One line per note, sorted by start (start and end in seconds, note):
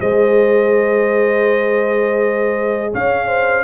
0.00 2.93 G#3
0.00 3.64 G#4
0.00 2.92 C5
0.00 2.93 D#5
2.92 3.64 C#4
2.92 3.27 C#5
2.92 3.64 F5
3.27 3.64 C5